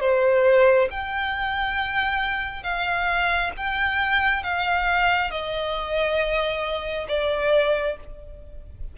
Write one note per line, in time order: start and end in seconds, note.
0.00 0.88 C5
0.90 2.63 G5
2.63 3.51 F5
3.57 4.43 G5
4.43 5.31 F5
5.31 7.07 D#5
7.08 7.97 D5